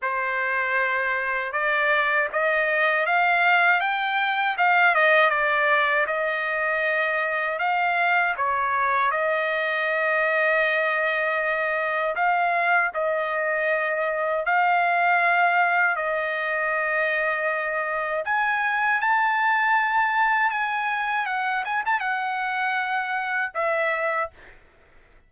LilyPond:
\new Staff \with { instrumentName = "trumpet" } { \time 4/4 \tempo 4 = 79 c''2 d''4 dis''4 | f''4 g''4 f''8 dis''8 d''4 | dis''2 f''4 cis''4 | dis''1 |
f''4 dis''2 f''4~ | f''4 dis''2. | gis''4 a''2 gis''4 | fis''8 gis''16 a''16 fis''2 e''4 | }